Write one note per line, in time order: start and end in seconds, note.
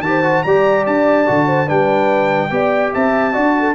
0.00 0.41 D#3
0.00 0.24 G4
0.00 0.43 A5
0.08 0.45 C5
0.24 0.44 F#4
0.43 0.87 G3
0.43 1.26 G4
0.43 1.47 D5
0.43 0.84 A#5
0.86 1.28 D4
0.86 1.69 A5
1.26 1.70 D3
1.26 1.67 F#4
1.47 1.66 C5
1.66 2.51 G3
1.66 2.50 D4
1.66 2.49 B4
1.66 2.93 G5
2.51 2.92 B3
2.51 3.33 G4
2.51 2.93 D5
2.93 3.36 C4
2.93 3.33 E5
2.93 3.75 A5
3.33 3.75 D4
3.33 3.75 F#4
3.33 3.54 D5
3.59 3.75 A4